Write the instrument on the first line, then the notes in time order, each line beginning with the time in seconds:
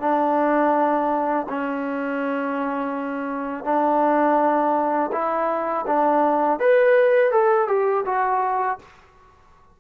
trombone
0.00 D4
1.49 C#4
3.64 D4
5.12 E4
5.86 D4
6.59 B4
7.31 A4
7.68 G4
8.05 F#4